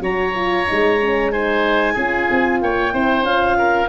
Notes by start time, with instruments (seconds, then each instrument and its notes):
0.00 tuba F#3, horn F#4, oboe C#5, clarinet A#5
0.34 horn F4
0.66 tuba G#3, horn D#4
1.00 horn C#4
1.31 horn D#4, oboe C5, clarinet G#5
1.93 tuba C#4, horn F4, oboe G#4
2.30 tuba C4
2.60 tuba A#3, oboe C#5, clarinet G5
2.91 tuba C4, horn E4, oboe C5
3.22 tuba C#4, horn F4, clarinet F5
3.58 oboe A#4